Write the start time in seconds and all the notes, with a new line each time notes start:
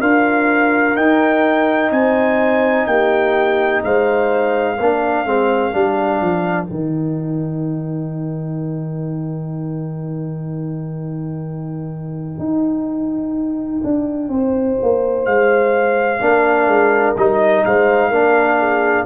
0.00 D4 F4 A#4 F5
0.96 D#4 G5
1.91 C4 C5 G#5
2.86 A#3 G4 G5
3.83 G#3 C5 F5
4.76 A#3 D4 A#4
5.25 G#3 C4
5.72 G3 D4
6.21 F3
6.65 D#3 D#4 G5
12.39 D#4
13.84 D4
14.29 C4 C5
14.82 A#3
15.25 G#3 F5
16.20 A#3 D4 A#4
16.66 G#3
17.16 G3 D#4 D#5
17.65 G#3 C5 F5
18.10 A#3 D4 A#4
18.58 G#4